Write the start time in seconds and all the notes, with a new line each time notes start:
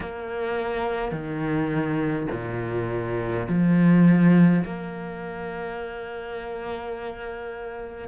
0.00 A#3
1.11 D#3
2.31 A#2
3.48 F3
4.65 A#3